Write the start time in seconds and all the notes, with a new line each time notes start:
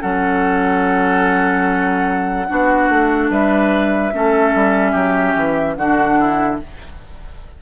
0.00 F#3 C#4 A4 F#5
2.47 B3 D4 F#4
2.89 A3
3.30 G3 B4 E5
4.13 A3 C#4 A4
4.54 G3
4.92 F#3 G4
5.35 E3
5.74 D3 D4 F#4 F#5
6.19 E4